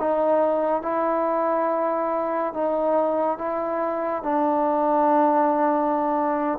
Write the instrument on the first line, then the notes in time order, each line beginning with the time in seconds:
trombone
0.00 D#4
0.83 E4
2.54 D#4
3.39 E4
4.24 D4